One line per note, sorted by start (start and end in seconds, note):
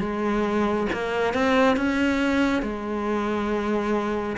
0.00 0.87 G#3
0.93 1.34 A#3
1.34 1.77 C4
1.77 2.62 C#4
2.62 4.36 G#3